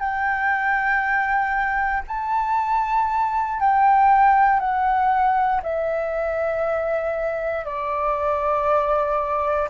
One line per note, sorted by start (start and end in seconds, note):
0.00 2.03 G5
2.08 3.61 A5
3.61 4.60 G5
4.60 5.62 F#5
5.63 7.65 E5
7.65 9.69 D5